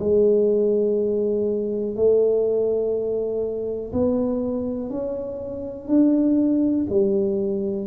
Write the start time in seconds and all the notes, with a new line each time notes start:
0.00 G#3
1.96 A3
3.93 B3
4.90 C#4
5.88 D4
6.90 G3